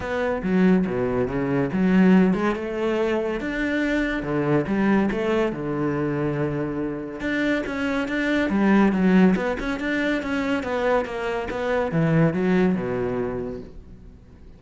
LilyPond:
\new Staff \with { instrumentName = "cello" } { \time 4/4 \tempo 4 = 141 b4 fis4 b,4 cis4 | fis4. gis8 a2 | d'2 d4 g4 | a4 d2.~ |
d4 d'4 cis'4 d'4 | g4 fis4 b8 cis'8 d'4 | cis'4 b4 ais4 b4 | e4 fis4 b,2 | }